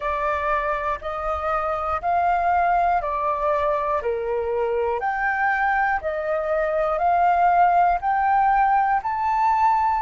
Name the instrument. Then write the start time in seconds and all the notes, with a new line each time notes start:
flute
0.00 D5
1.00 D#5
2.01 F5
3.01 D5
4.01 A#4
5.00 G5
6.00 D#5
6.98 F5
8.00 G5
9.02 A5